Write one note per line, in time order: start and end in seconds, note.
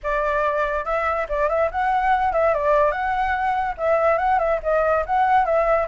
0.03 0.84 D5
0.84 1.26 E5
1.28 1.49 D5
1.49 1.70 E5
1.71 2.32 F#5
2.32 2.53 E5
2.54 2.91 D5
2.91 3.75 F#5
3.77 4.17 E5
4.17 4.38 F#5
4.38 4.59 E5
4.62 5.04 D#5
5.06 5.45 F#5
5.45 5.87 E5